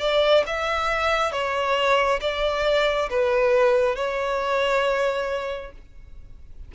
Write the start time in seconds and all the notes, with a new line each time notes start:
0.00 D5
0.47 E5
1.32 C#5
2.21 D5
3.10 B4
3.95 C#5